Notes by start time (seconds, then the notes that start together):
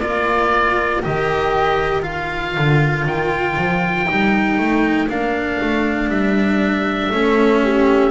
0.00 A#3 F4 A#4 D5
1.03 D#3 G4 D#5
2.02 F4 F5
2.57 D3
3.05 D#3 G5
3.56 F3
4.06 G3 D#4
4.58 A3
5.09 A#3 D4 F5
5.61 A3
6.08 G3 E5
7.10 A3 C#4 A4
7.63 G4